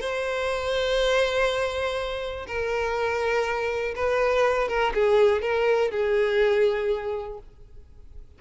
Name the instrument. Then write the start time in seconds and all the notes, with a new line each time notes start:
violin
0.00 C5
2.47 A#4
3.95 B4
4.68 A#4
4.94 G#4
5.41 A#4
5.91 G#4